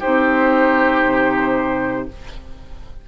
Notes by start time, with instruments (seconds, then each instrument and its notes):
0.00 bassoon C4, clarinet D#4, oboe G4, flute C5
1.05 bassoon C3